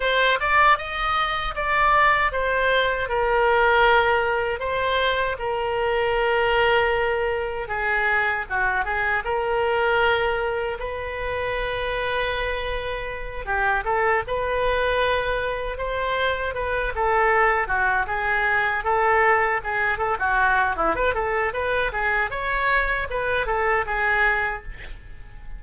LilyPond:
\new Staff \with { instrumentName = "oboe" } { \time 4/4 \tempo 4 = 78 c''8 d''8 dis''4 d''4 c''4 | ais'2 c''4 ais'4~ | ais'2 gis'4 fis'8 gis'8 | ais'2 b'2~ |
b'4. g'8 a'8 b'4.~ | b'8 c''4 b'8 a'4 fis'8 gis'8~ | gis'8 a'4 gis'8 a'16 fis'8. e'16 b'16 a'8 | b'8 gis'8 cis''4 b'8 a'8 gis'4 | }